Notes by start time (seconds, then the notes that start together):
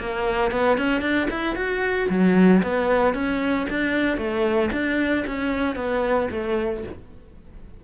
0.00 A#3
0.51 B3
0.78 C#4
1.01 D4
1.30 E4
1.56 F#4
2.09 F#3
2.63 B3
3.14 C#4
3.70 D4
4.17 A3
4.72 D4
5.27 C#4
5.76 B3
6.31 A3